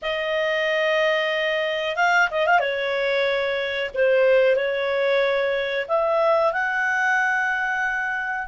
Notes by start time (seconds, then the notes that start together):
0.01 D#5
1.96 F5
2.31 D#5
2.46 F5
2.59 C#5
3.94 C5
4.56 C#5
5.88 E5
6.52 F#5